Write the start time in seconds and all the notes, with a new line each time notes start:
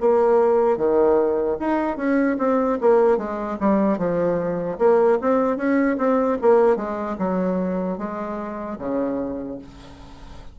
0.00 A#3
0.77 D#3
1.59 D#4
1.97 C#4
2.38 C4
2.81 A#3
3.17 G#3
3.60 G3
3.98 F3
4.78 A#3
5.21 C4
5.57 C#4
5.97 C4
6.41 A#3
6.76 G#3
7.18 F#3
7.98 G#3
8.78 C#3